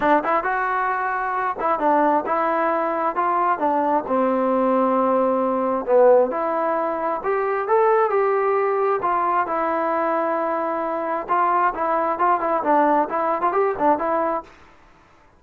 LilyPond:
\new Staff \with { instrumentName = "trombone" } { \time 4/4 \tempo 4 = 133 d'8 e'8 fis'2~ fis'8 e'8 | d'4 e'2 f'4 | d'4 c'2.~ | c'4 b4 e'2 |
g'4 a'4 g'2 | f'4 e'2.~ | e'4 f'4 e'4 f'8 e'8 | d'4 e'8. f'16 g'8 d'8 e'4 | }